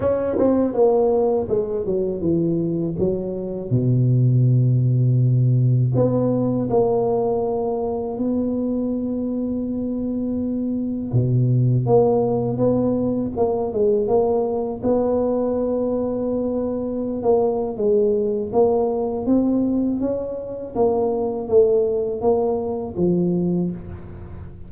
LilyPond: \new Staff \with { instrumentName = "tuba" } { \time 4/4 \tempo 4 = 81 cis'8 c'8 ais4 gis8 fis8 e4 | fis4 b,2. | b4 ais2 b4~ | b2. b,4 |
ais4 b4 ais8 gis8 ais4 | b2.~ b16 ais8. | gis4 ais4 c'4 cis'4 | ais4 a4 ais4 f4 | }